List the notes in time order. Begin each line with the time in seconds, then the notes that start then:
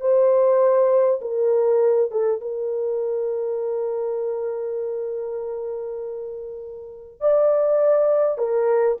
0.00 C5
1.21 A#4
2.11 A4
2.41 A#4
7.20 D5
8.38 A#4